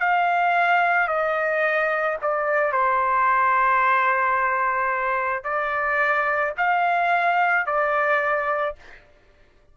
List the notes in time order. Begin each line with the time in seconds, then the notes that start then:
0.00 F5
1.08 D#5
2.22 D5
2.72 C5
5.44 D5
6.58 F5
7.67 D5